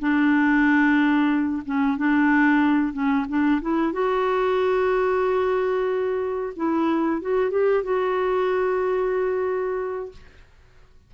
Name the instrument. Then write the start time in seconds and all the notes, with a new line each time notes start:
clarinet
0.00 D4
1.65 C#4
1.98 D4
2.93 C#4
3.29 D4
3.62 E4
3.93 F#4
6.56 E4
7.22 F#4
7.51 G4
7.84 F#4